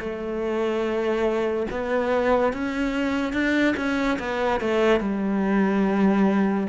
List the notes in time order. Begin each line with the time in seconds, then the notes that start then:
0.00 A3
1.70 B3
2.53 C#4
3.33 D4
3.77 C#4
4.19 B3
4.61 A3
5.00 G3